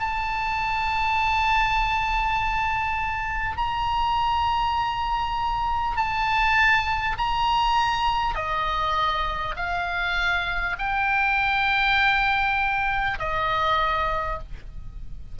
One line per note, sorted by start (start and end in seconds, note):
0.00 3.57 A5
3.57 5.97 A#5
5.97 7.17 A5
7.18 8.35 A#5
8.35 9.55 D#5
9.57 10.77 F5
10.79 13.19 G5
13.19 14.39 D#5